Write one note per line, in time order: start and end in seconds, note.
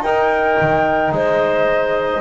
0.00 0.55 D#4
0.00 1.13 A#4
0.00 1.12 G5
0.06 2.20 D#4
0.61 1.11 D#3
1.11 2.20 G#3
1.11 2.20 C5
1.11 2.20 D#5